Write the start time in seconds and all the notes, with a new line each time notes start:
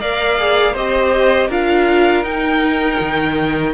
0.00 A#3 A#4 D5 F5
0.38 G#4
0.73 C4 G4 C5 D#5
1.48 D4 F4 A#4 F5
2.23 D#4 G5
3.00 D#3